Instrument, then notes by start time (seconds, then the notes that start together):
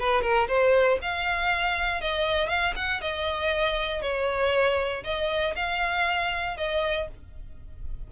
violin
0.00 B4
0.22 A#4
0.48 C5
1.02 F5
2.02 D#5
2.49 F5
2.76 F#5
3.01 D#5
4.02 C#5
5.04 D#5
5.56 F5
6.58 D#5